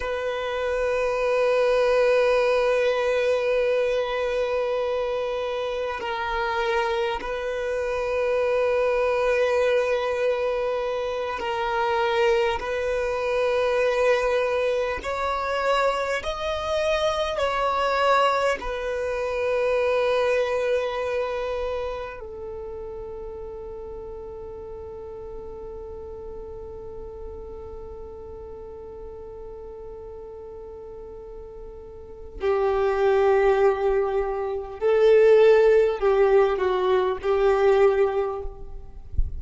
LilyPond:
\new Staff \with { instrumentName = "violin" } { \time 4/4 \tempo 4 = 50 b'1~ | b'4 ais'4 b'2~ | b'4. ais'4 b'4.~ | b'8 cis''4 dis''4 cis''4 b'8~ |
b'2~ b'8 a'4.~ | a'1~ | a'2. g'4~ | g'4 a'4 g'8 fis'8 g'4 | }